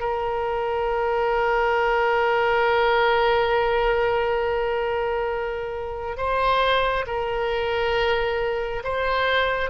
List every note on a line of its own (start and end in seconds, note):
0.00 6.18 A#4
6.18 7.06 C5
7.07 8.83 A#4
8.84 9.71 C5